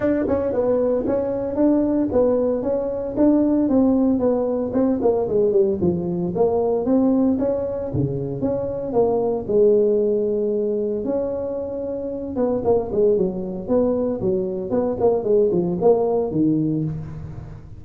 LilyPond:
\new Staff \with { instrumentName = "tuba" } { \time 4/4 \tempo 4 = 114 d'8 cis'8 b4 cis'4 d'4 | b4 cis'4 d'4 c'4 | b4 c'8 ais8 gis8 g8 f4 | ais4 c'4 cis'4 cis4 |
cis'4 ais4 gis2~ | gis4 cis'2~ cis'8 b8 | ais8 gis8 fis4 b4 fis4 | b8 ais8 gis8 f8 ais4 dis4 | }